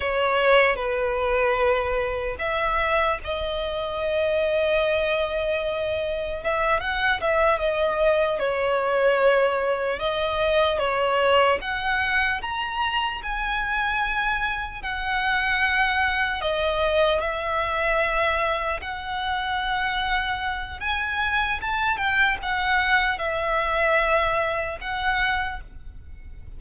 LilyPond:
\new Staff \with { instrumentName = "violin" } { \time 4/4 \tempo 4 = 75 cis''4 b'2 e''4 | dis''1 | e''8 fis''8 e''8 dis''4 cis''4.~ | cis''8 dis''4 cis''4 fis''4 ais''8~ |
ais''8 gis''2 fis''4.~ | fis''8 dis''4 e''2 fis''8~ | fis''2 gis''4 a''8 g''8 | fis''4 e''2 fis''4 | }